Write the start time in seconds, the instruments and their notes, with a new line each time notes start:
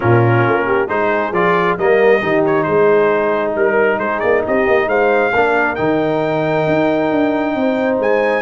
0.00 tuba A#2, trombone C#4, horn F4, trumpet A#4
0.46 tuba A#3
0.66 horn G4
0.88 tuba G#3, trombone D#4, horn G#4, trumpet C5
1.32 tuba F3, trombone F4, trumpet D5
1.78 tuba G3, trombone A#3, horn A#4, trumpet D#5
2.21 tuba D#3, trombone D#4, horn G4
2.45 trumpet C#5
2.63 tuba G#3, horn G#4, trumpet C5
3.55 tuba G3, trumpet A#4, horn A#4
3.98 tuba G#3, horn G#4, trumpet C5
4.19 tuba A#3, trumpet D5
4.45 tuba C4, horn G4, trumpet D#5
4.67 tuba A#3
4.87 tuba G#3, horn C5, trumpet F5
5.33 tuba A#3, trombone D4, horn A#4
5.75 tuba D#3, trombone D#4, trumpet G5
6.67 tuba D#4
7.11 tuba D4
7.55 tuba C4, horn C5
7.99 tuba G#3, trumpet G#5